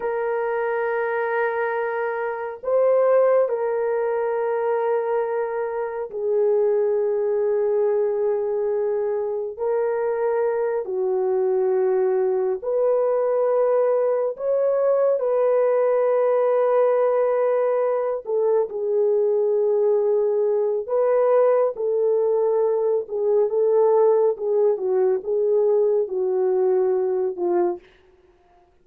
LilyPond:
\new Staff \with { instrumentName = "horn" } { \time 4/4 \tempo 4 = 69 ais'2. c''4 | ais'2. gis'4~ | gis'2. ais'4~ | ais'8 fis'2 b'4.~ |
b'8 cis''4 b'2~ b'8~ | b'4 a'8 gis'2~ gis'8 | b'4 a'4. gis'8 a'4 | gis'8 fis'8 gis'4 fis'4. f'8 | }